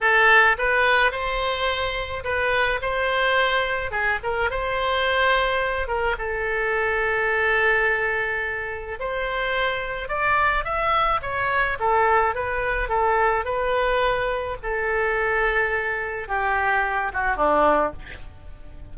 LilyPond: \new Staff \with { instrumentName = "oboe" } { \time 4/4 \tempo 4 = 107 a'4 b'4 c''2 | b'4 c''2 gis'8 ais'8 | c''2~ c''8 ais'8 a'4~ | a'1 |
c''2 d''4 e''4 | cis''4 a'4 b'4 a'4 | b'2 a'2~ | a'4 g'4. fis'8 d'4 | }